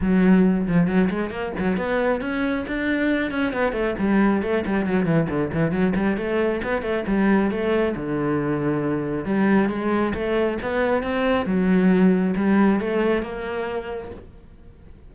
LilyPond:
\new Staff \with { instrumentName = "cello" } { \time 4/4 \tempo 4 = 136 fis4. f8 fis8 gis8 ais8 fis8 | b4 cis'4 d'4. cis'8 | b8 a8 g4 a8 g8 fis8 e8 | d8 e8 fis8 g8 a4 b8 a8 |
g4 a4 d2~ | d4 g4 gis4 a4 | b4 c'4 fis2 | g4 a4 ais2 | }